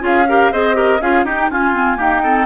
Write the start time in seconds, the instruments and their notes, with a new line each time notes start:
0.00 bassoon C#4, clarinet F4, oboe G#4, flute F5
0.28 clarinet G4, oboe A#4
0.52 bassoon C4, clarinet G#4, oboe C5, flute D#5
0.74 clarinet G4, oboe A#4
1.01 bassoon C#4, clarinet F4, oboe G#4, flute F5
1.24 bassoon D#4, clarinet D#4, oboe G4, flute G5
1.51 clarinet C#4, bassoon F4, oboe F4, flute G#5
1.73 clarinet C4
1.97 clarinet A#3, bassoon D#4, oboe G4, flute G5
2.23 clarinet C4, oboe A4